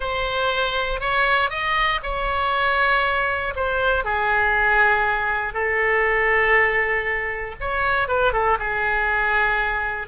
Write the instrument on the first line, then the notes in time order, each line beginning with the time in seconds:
oboe
0.00 C5
1.00 C#5
1.50 D#5
2.03 C#5
3.55 C5
4.04 G#4
5.53 A4
7.60 C#5
8.08 B4
8.32 A4
8.59 G#4